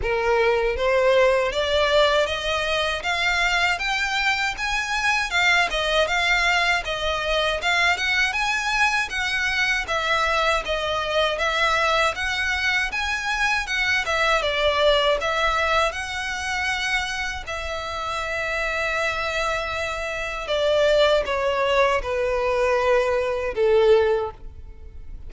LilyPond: \new Staff \with { instrumentName = "violin" } { \time 4/4 \tempo 4 = 79 ais'4 c''4 d''4 dis''4 | f''4 g''4 gis''4 f''8 dis''8 | f''4 dis''4 f''8 fis''8 gis''4 | fis''4 e''4 dis''4 e''4 |
fis''4 gis''4 fis''8 e''8 d''4 | e''4 fis''2 e''4~ | e''2. d''4 | cis''4 b'2 a'4 | }